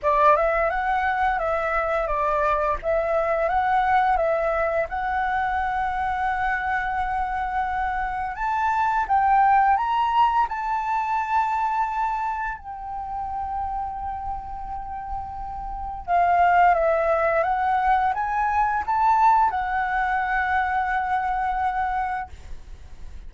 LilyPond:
\new Staff \with { instrumentName = "flute" } { \time 4/4 \tempo 4 = 86 d''8 e''8 fis''4 e''4 d''4 | e''4 fis''4 e''4 fis''4~ | fis''1 | a''4 g''4 ais''4 a''4~ |
a''2 g''2~ | g''2. f''4 | e''4 fis''4 gis''4 a''4 | fis''1 | }